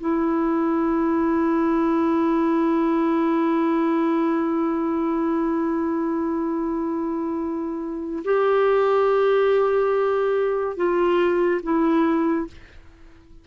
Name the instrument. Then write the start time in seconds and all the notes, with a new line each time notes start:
clarinet
0.00 E4
8.25 G4
10.76 F4
11.63 E4